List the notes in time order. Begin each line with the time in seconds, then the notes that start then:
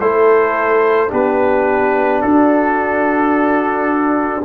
0.00 A3 E4 A4 C5
1.09 B3 D4 G4 B4
2.22 D4 F#4 A4